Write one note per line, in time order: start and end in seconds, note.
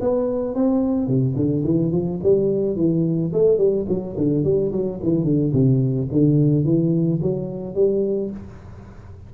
0.00 0.55 B3
0.55 1.07 C4
1.07 1.35 C3
1.36 1.64 D3
1.64 1.92 E3
1.92 2.19 F3
2.22 2.76 G3
2.76 3.32 E3
3.33 3.58 A3
3.58 3.85 G3
3.88 4.16 F#3
4.17 4.44 D3
4.44 4.71 G3
4.72 5.00 F#3
5.03 5.24 E3
5.24 5.52 D3
5.53 6.08 C3
6.11 6.64 D3
6.64 7.20 E3
7.21 7.74 F#3
7.74 8.30 G3